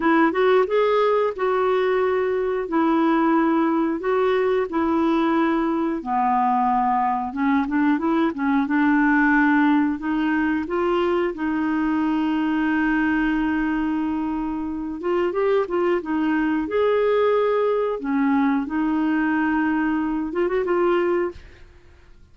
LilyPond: \new Staff \with { instrumentName = "clarinet" } { \time 4/4 \tempo 4 = 90 e'8 fis'8 gis'4 fis'2 | e'2 fis'4 e'4~ | e'4 b2 cis'8 d'8 | e'8 cis'8 d'2 dis'4 |
f'4 dis'2.~ | dis'2~ dis'8 f'8 g'8 f'8 | dis'4 gis'2 cis'4 | dis'2~ dis'8 f'16 fis'16 f'4 | }